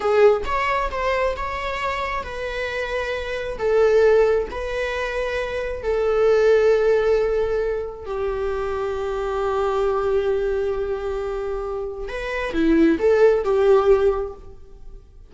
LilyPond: \new Staff \with { instrumentName = "viola" } { \time 4/4 \tempo 4 = 134 gis'4 cis''4 c''4 cis''4~ | cis''4 b'2. | a'2 b'2~ | b'4 a'2.~ |
a'2 g'2~ | g'1~ | g'2. b'4 | e'4 a'4 g'2 | }